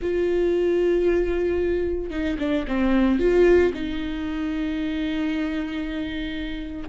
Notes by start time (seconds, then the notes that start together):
0.02 F4
2.10 D#4
2.38 D4
2.67 C4
3.19 F4
3.73 D#4